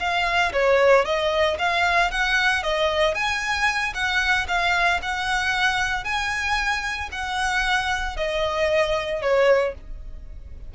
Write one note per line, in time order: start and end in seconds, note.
0.00 0.53 F5
0.53 1.05 C#5
1.05 1.58 D#5
1.59 2.11 F5
2.11 2.63 F#5
2.63 3.15 D#5
3.15 3.94 G#5
3.94 4.47 F#5
4.48 5.01 F5
5.03 6.05 F#5
6.05 7.10 G#5
7.12 8.17 F#5
8.17 9.22 D#5
9.22 9.75 C#5